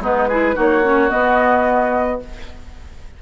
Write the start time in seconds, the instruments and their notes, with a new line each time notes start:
0.00 bassoon G#3, clarinet B3, oboe D#4, flute B4
0.28 clarinet E4, oboe G#4
0.54 bassoon A#3, clarinet D#4, oboe F#4, flute C#5
0.83 clarinet C#4
1.09 clarinet B3, bassoon B3, flute D#5